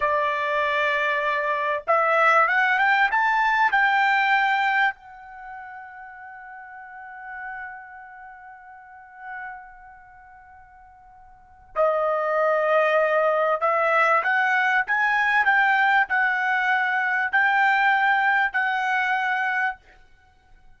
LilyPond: \new Staff \with { instrumentName = "trumpet" } { \time 4/4 \tempo 4 = 97 d''2. e''4 | fis''8 g''8 a''4 g''2 | fis''1~ | fis''1~ |
fis''2. dis''4~ | dis''2 e''4 fis''4 | gis''4 g''4 fis''2 | g''2 fis''2 | }